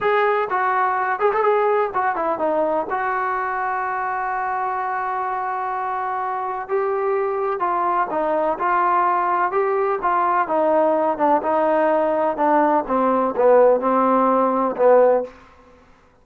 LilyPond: \new Staff \with { instrumentName = "trombone" } { \time 4/4 \tempo 4 = 126 gis'4 fis'4. gis'16 a'16 gis'4 | fis'8 e'8 dis'4 fis'2~ | fis'1~ | fis'2 g'2 |
f'4 dis'4 f'2 | g'4 f'4 dis'4. d'8 | dis'2 d'4 c'4 | b4 c'2 b4 | }